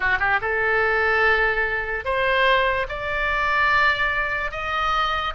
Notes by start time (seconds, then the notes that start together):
0.00 F#4
0.19 G4
0.41 A4
2.04 C5
2.88 D5
4.51 D#5